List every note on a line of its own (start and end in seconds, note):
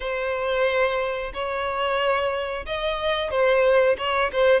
0.00 1.32 C5
1.33 2.65 C#5
2.66 3.30 D#5
3.30 3.96 C5
3.97 4.30 C#5
4.32 4.60 C5